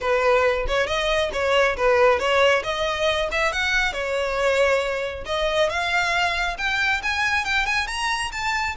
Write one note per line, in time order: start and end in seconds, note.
0.00 0.66 B4
0.67 0.86 C#5
0.86 1.30 D#5
1.32 1.76 C#5
1.76 2.19 B4
2.19 2.62 C#5
2.63 3.29 D#5
3.31 3.52 E5
3.52 3.92 F#5
3.92 5.24 C#5
5.25 5.69 D#5
5.69 6.57 F5
6.57 7.01 G5
7.02 7.44 G#5
7.44 7.65 G5
7.65 7.87 G#5
7.87 8.31 A#5
8.32 8.75 A5